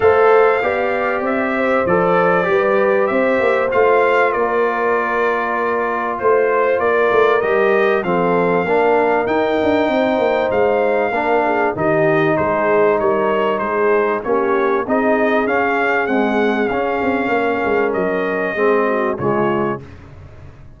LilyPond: <<
  \new Staff \with { instrumentName = "trumpet" } { \time 4/4 \tempo 4 = 97 f''2 e''4 d''4~ | d''4 e''4 f''4 d''4~ | d''2 c''4 d''4 | dis''4 f''2 g''4~ |
g''4 f''2 dis''4 | c''4 cis''4 c''4 cis''4 | dis''4 f''4 fis''4 f''4~ | f''4 dis''2 cis''4 | }
  \new Staff \with { instrumentName = "horn" } { \time 4/4 c''4 d''4. c''4. | b'4 c''2 ais'4~ | ais'2 c''4 ais'4~ | ais'4 a'4 ais'2 |
c''2 ais'8 gis'8 g'4 | gis'4 ais'4 gis'4 g'4 | gis'1 | ais'2 gis'8 fis'8 f'4 | }
  \new Staff \with { instrumentName = "trombone" } { \time 4/4 a'4 g'2 a'4 | g'2 f'2~ | f'1 | g'4 c'4 d'4 dis'4~ |
dis'2 d'4 dis'4~ | dis'2. cis'4 | dis'4 cis'4 gis4 cis'4~ | cis'2 c'4 gis4 | }
  \new Staff \with { instrumentName = "tuba" } { \time 4/4 a4 b4 c'4 f4 | g4 c'8 ais8 a4 ais4~ | ais2 a4 ais8 a8 | g4 f4 ais4 dis'8 d'8 |
c'8 ais8 gis4 ais4 dis4 | gis4 g4 gis4 ais4 | c'4 cis'4 c'4 cis'8 c'8 | ais8 gis8 fis4 gis4 cis4 | }
>>